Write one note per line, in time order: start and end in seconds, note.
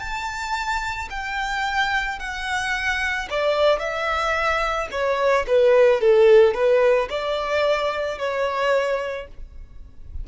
0.00 1.09 A5
1.11 2.20 G5
2.20 3.29 F#5
3.30 3.79 D5
3.79 4.88 E5
4.91 5.46 C#5
5.47 6.01 B4
6.01 6.55 A4
6.55 7.09 B4
7.10 8.19 D5
8.19 9.28 C#5